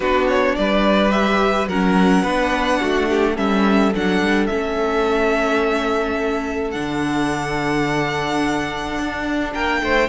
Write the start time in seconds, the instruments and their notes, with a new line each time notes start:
0.00 cello B3, viola D4, violin F#4 B4
0.28 violin C#5
0.55 cello G3, violin B4 D5
1.10 viola G4, violin E5
1.67 cello F#3, viola C#4, violin A#4 F#5
2.23 cello B3, viola D4, violin B4
2.80 cello A3, violin F#4
3.09 violin G4
3.34 cello G3, viola C#4, violin A4 E5
3.95 cello F#3, viola D4, violin F#5
4.21 cello G3
4.46 cello A3, viola C#4, violin E5
6.70 cello D3, viola D4, violin F#5
8.98 cello D4
9.53 cello A#3, violin A#4 G5
9.82 cello A3, violin C5